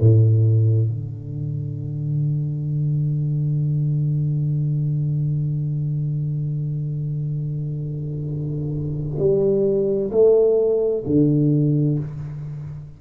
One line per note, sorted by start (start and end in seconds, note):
0.00 0.89 A2
0.89 9.18 D3
9.18 10.11 G3
10.11 11.03 A3
11.06 11.98 D3